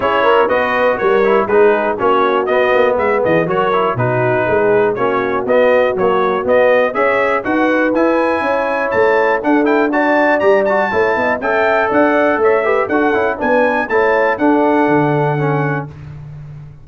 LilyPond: <<
  \new Staff \with { instrumentName = "trumpet" } { \time 4/4 \tempo 4 = 121 cis''4 dis''4 cis''4 b'4 | cis''4 dis''4 e''8 dis''8 cis''4 | b'2 cis''4 dis''4 | cis''4 dis''4 e''4 fis''4 |
gis''2 a''4 fis''8 g''8 | a''4 ais''8 a''4. g''4 | fis''4 e''4 fis''4 gis''4 | a''4 fis''2. | }
  \new Staff \with { instrumentName = "horn" } { \time 4/4 gis'8 ais'8 b'4 ais'4 gis'4 | fis'2 b'8 gis'8 ais'4 | fis'4 gis'4 fis'2~ | fis'2 cis''4 b'4~ |
b'4 cis''2 a'4 | d''2 cis''8 dis''8 e''4 | d''4 cis''8 b'8 a'4 b'4 | cis''4 a'2. | }
  \new Staff \with { instrumentName = "trombone" } { \time 4/4 e'4 fis'4. e'8 dis'4 | cis'4 b2 fis'8 e'8 | dis'2 cis'4 b4 | fis4 b4 gis'4 fis'4 |
e'2. d'8 e'8 | fis'4 g'8 fis'8 e'4 a'4~ | a'4. g'8 fis'8 e'8 d'4 | e'4 d'2 cis'4 | }
  \new Staff \with { instrumentName = "tuba" } { \time 4/4 cis'4 b4 g4 gis4 | ais4 b8 ais8 gis8 e8 fis4 | b,4 gis4 ais4 b4 | ais4 b4 cis'4 dis'4 |
e'4 cis'4 a4 d'4~ | d'4 g4 a8 b8 cis'4 | d'4 a4 d'8 cis'8 b4 | a4 d'4 d2 | }
>>